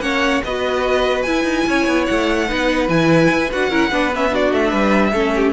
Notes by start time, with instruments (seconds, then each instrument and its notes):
0.00 cello A#3, viola C#4, violin C#5 F#5
0.44 cello B3, viola F#4, violin B4 D#5
1.23 cello E4, viola E4, violin G#5
1.44 cello D#4
1.67 cello C#4, violin C#5
1.87 cello B3
2.07 cello A3, violin F#5
2.48 cello B3, viola D#4, violin B4
2.88 cello E3, viola E4, violin G#5
3.30 cello E4
3.52 cello D4, viola F#4, violin F#5
3.70 cello C#4, viola E4, violin A#4
3.91 cello B3, viola D4, violin B4
4.15 viola C#4, violin E5
4.30 viola D4, violin F#4 D5
4.53 cello A3, violin E5
4.70 cello G3, violin B4
5.13 cello A3, viola C#4, violin A4
5.36 violin G4